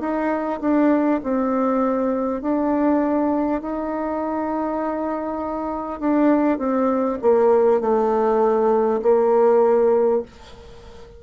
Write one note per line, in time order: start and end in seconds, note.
0.00 0.60 D#4
0.61 1.21 D4
1.23 2.42 C4
2.42 3.62 D4
3.62 6.00 D#4
6.00 6.58 D4
6.58 7.18 C4
7.22 7.81 A#3
7.81 9.01 A3
9.03 10.23 A#3